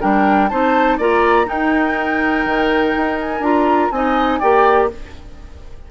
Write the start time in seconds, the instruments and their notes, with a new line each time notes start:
0.00 bassoon G3, clarinet D4, oboe A#4, flute G5
0.48 bassoon C4, clarinet D#4, oboe C5, flute A5
0.97 bassoon A#3, clarinet F4, oboe D5, flute A#5
1.45 clarinet D#4, bassoon D#4, oboe A#4, flute G5
2.45 bassoon D#3
2.96 bassoon D#4
3.20 flute G#5
3.40 bassoon D4, clarinet F4, flute A#5
3.91 bassoon C4, clarinet D#4, oboe D#5, flute G#5
4.40 bassoon A#3, clarinet G4, oboe D5, flute G5